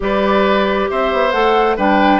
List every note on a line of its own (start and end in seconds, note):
0.00 0.89 G3
0.00 1.31 G4
0.00 0.90 B4
0.00 0.89 D5
0.90 1.12 C4
0.90 1.76 C5
0.90 1.31 E5
1.12 1.33 B3
1.31 1.77 A3
1.31 1.76 A4
1.31 1.75 F#5
1.76 2.20 G3
1.76 2.20 D4
1.76 2.20 B4
1.76 2.20 G5